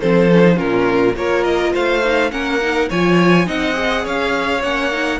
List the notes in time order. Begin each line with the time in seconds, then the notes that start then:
0.00 F3 C4 A4 C5
0.32 C#4
0.44 D#4
0.54 A#2 C#4 F4 A#4
1.16 A#3 F4 A#4 C#5
1.44 D#5
1.73 A3 C5 F5
2.04 D#4
2.30 A#3 C#4 A#4 F#5
2.61 D#4
2.89 F3 F4 C#5 G#5
3.46 C4 D#4 D#5 F#5
3.73 G#4
4.04 C#4 C#5 F5
4.62 A#3 C#4 F#5
4.91 D#4